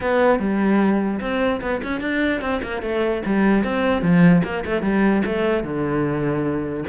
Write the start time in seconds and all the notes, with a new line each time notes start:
0.00 B3
0.39 G3
1.20 C4
1.61 B3
1.83 C#4
2.01 D4
2.41 C4
2.63 A#3
2.82 A3
3.25 G3
3.64 C4
4.02 F3
4.43 A#3
4.65 A3
4.82 G3
5.25 A3
5.63 D3